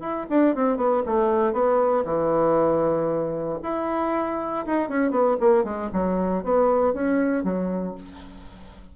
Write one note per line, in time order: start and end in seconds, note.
0.00 0.26 E4
0.30 0.55 D4
0.55 0.77 C4
0.77 1.03 B3
1.06 1.53 A3
1.53 2.04 B3
2.05 3.59 E3
3.63 4.66 E4
4.66 4.89 D#4
4.89 5.11 C#4
5.11 5.37 B3
5.40 5.64 A#3
5.64 5.90 G#3
5.93 6.44 F#3
6.44 6.94 B3
6.94 7.44 C#4
7.44 7.95 F#3